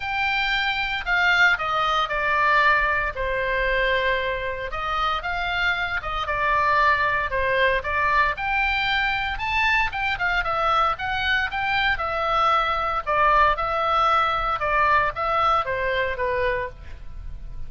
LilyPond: \new Staff \with { instrumentName = "oboe" } { \time 4/4 \tempo 4 = 115 g''2 f''4 dis''4 | d''2 c''2~ | c''4 dis''4 f''4. dis''8 | d''2 c''4 d''4 |
g''2 a''4 g''8 f''8 | e''4 fis''4 g''4 e''4~ | e''4 d''4 e''2 | d''4 e''4 c''4 b'4 | }